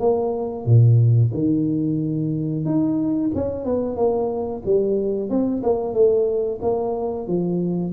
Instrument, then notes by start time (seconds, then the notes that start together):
tuba
0.00 A#3
0.66 A#2
1.34 D#3
2.65 D#4
3.35 C#4
3.65 B3
3.97 A#3
4.65 G3
5.30 C4
5.63 A#3
5.94 A3
6.62 A#3
7.28 F3